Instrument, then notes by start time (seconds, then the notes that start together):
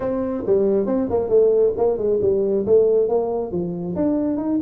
tuba
0.00 C4
0.46 G3
0.86 C4
1.09 A#3
1.29 A3
1.77 A#3
1.97 G#3
2.21 G3
2.66 A3
3.08 A#3
3.51 F3
3.95 D4
4.37 D#4